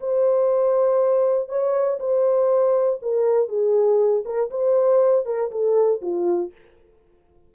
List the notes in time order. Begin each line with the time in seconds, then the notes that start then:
0.00 C5
1.49 C#5
2.00 C5
3.02 A#4
3.48 G#4
4.25 A#4
4.50 C5
5.25 A#4
5.51 A4
6.01 F4